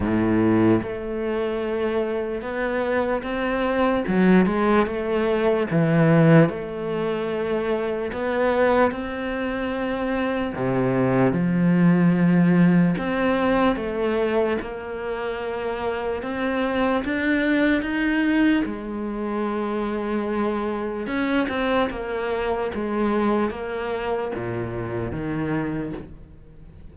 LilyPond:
\new Staff \with { instrumentName = "cello" } { \time 4/4 \tempo 4 = 74 a,4 a2 b4 | c'4 fis8 gis8 a4 e4 | a2 b4 c'4~ | c'4 c4 f2 |
c'4 a4 ais2 | c'4 d'4 dis'4 gis4~ | gis2 cis'8 c'8 ais4 | gis4 ais4 ais,4 dis4 | }